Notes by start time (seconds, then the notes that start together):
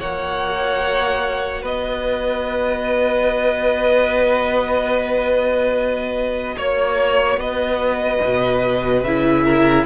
0.00 A#3 F#4 C#5 F#5
1.62 B3 B4 D#5
6.57 A#3 C#5
7.37 B3 B4 D#5
8.24 B2
9.04 C#3 E4 E5
9.44 A#4